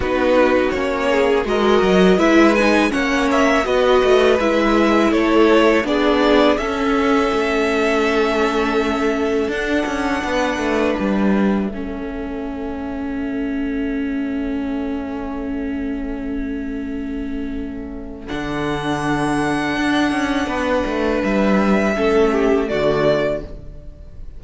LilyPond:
<<
  \new Staff \with { instrumentName = "violin" } { \time 4/4 \tempo 4 = 82 b'4 cis''4 dis''4 e''8 gis''8 | fis''8 e''8 dis''4 e''4 cis''4 | d''4 e''2.~ | e''4 fis''2 e''4~ |
e''1~ | e''1~ | e''4 fis''2.~ | fis''4 e''2 d''4 | }
  \new Staff \with { instrumentName = "violin" } { \time 4/4 fis'4. gis'8 ais'4 b'4 | cis''4 b'2 a'4 | gis'4 a'2.~ | a'2 b'2 |
a'1~ | a'1~ | a'1 | b'2 a'8 g'8 fis'4 | }
  \new Staff \with { instrumentName = "viola" } { \time 4/4 dis'4 cis'4 fis'4 e'8 dis'8 | cis'4 fis'4 e'2 | d'4 cis'2.~ | cis'4 d'2. |
cis'1~ | cis'1~ | cis'4 d'2.~ | d'2 cis'4 a4 | }
  \new Staff \with { instrumentName = "cello" } { \time 4/4 b4 ais4 gis8 fis8 gis4 | ais4 b8 a8 gis4 a4 | b4 cis'4 a2~ | a4 d'8 cis'8 b8 a8 g4 |
a1~ | a1~ | a4 d2 d'8 cis'8 | b8 a8 g4 a4 d4 | }
>>